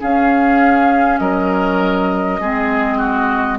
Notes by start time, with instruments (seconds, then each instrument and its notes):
0.00 clarinet C#4, bassoon C#4, oboe G#4, flute F5
1.18 bassoon F#3, oboe A#4, flute D#5
2.40 bassoon G#3, clarinet C4, oboe G#4
2.98 oboe F#4